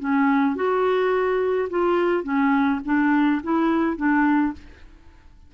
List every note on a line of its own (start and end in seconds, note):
0.00 0.56 C#4
0.56 1.69 F#4
1.70 2.24 F4
2.24 2.80 C#4
2.85 3.42 D4
3.43 3.97 E4
3.97 4.53 D4